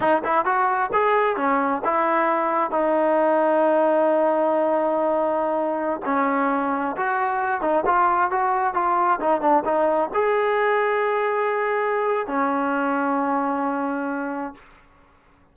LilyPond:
\new Staff \with { instrumentName = "trombone" } { \time 4/4 \tempo 4 = 132 dis'8 e'8 fis'4 gis'4 cis'4 | e'2 dis'2~ | dis'1~ | dis'4~ dis'16 cis'2 fis'8.~ |
fis'8. dis'8 f'4 fis'4 f'8.~ | f'16 dis'8 d'8 dis'4 gis'4.~ gis'16~ | gis'2. cis'4~ | cis'1 | }